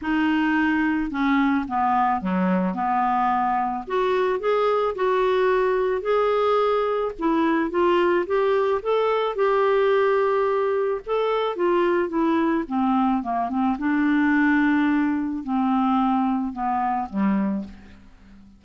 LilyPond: \new Staff \with { instrumentName = "clarinet" } { \time 4/4 \tempo 4 = 109 dis'2 cis'4 b4 | fis4 b2 fis'4 | gis'4 fis'2 gis'4~ | gis'4 e'4 f'4 g'4 |
a'4 g'2. | a'4 f'4 e'4 c'4 | ais8 c'8 d'2. | c'2 b4 g4 | }